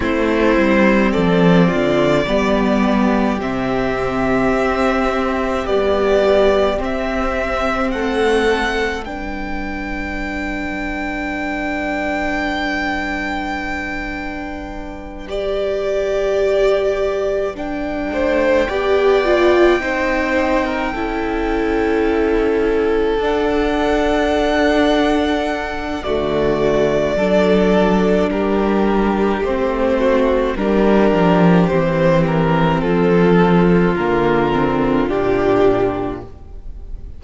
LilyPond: <<
  \new Staff \with { instrumentName = "violin" } { \time 4/4 \tempo 4 = 53 c''4 d''2 e''4~ | e''4 d''4 e''4 fis''4 | g''1~ | g''4. d''2 g''8~ |
g''1~ | g''8 fis''2~ fis''8 d''4~ | d''4 ais'4 c''4 ais'4 | c''8 ais'8 a'4 ais'4 g'4 | }
  \new Staff \with { instrumentName = "violin" } { \time 4/4 e'4 a'8 f'8 g'2~ | g'2. a'4 | b'1~ | b'1 |
c''8 d''4 c''8. ais'16 a'4.~ | a'2. fis'4 | a'4 g'4. fis'8 g'4~ | g'4 f'2. | }
  \new Staff \with { instrumentName = "viola" } { \time 4/4 c'2 b4 c'4~ | c'4 g4 c'2 | d'1~ | d'4. g'2 d'8~ |
d'8 g'8 f'8 dis'4 e'4.~ | e'8 d'2~ d'8 a4 | d'2 c'4 d'4 | c'2 ais8 c'8 d'4 | }
  \new Staff \with { instrumentName = "cello" } { \time 4/4 a8 g8 f8 d8 g4 c4 | c'4 b4 c'4 a4 | g1~ | g1 |
a8 b4 c'4 cis'4.~ | cis'8 d'2~ d'8 d4 | fis4 g4 a4 g8 f8 | e4 f4 d4 ais,4 | }
>>